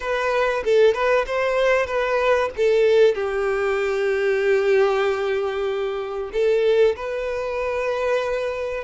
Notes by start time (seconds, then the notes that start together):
0.00 B4
0.64 A4
0.93 B4
1.26 C5
1.86 B4
2.57 A4
3.14 G4
6.32 A4
6.96 B4